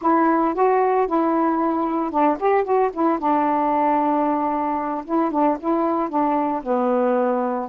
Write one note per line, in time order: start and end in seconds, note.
0.01 0.54 E4
0.54 1.07 F#4
1.07 2.10 E4
2.10 2.37 D4
2.39 2.64 G4
2.64 2.90 F#4
2.93 3.19 E4
3.19 5.04 D4
5.05 5.31 E4
5.31 5.57 D4
5.59 6.09 E4
6.09 6.62 D4
6.63 7.69 B3